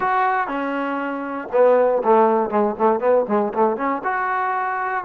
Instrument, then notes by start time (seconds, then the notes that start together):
trombone
0.00 F#4
0.47 C#4
1.52 B3
2.03 A3
2.50 G#3
2.78 A3
3.00 B3
3.28 G#3
3.53 A3
3.77 C#4
4.04 F#4